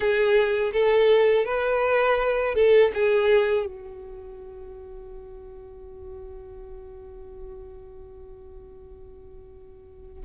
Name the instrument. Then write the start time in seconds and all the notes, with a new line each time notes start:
violin
0.00 G#4
0.73 A4
1.45 B4
2.54 A4
2.93 G#4
3.66 F#4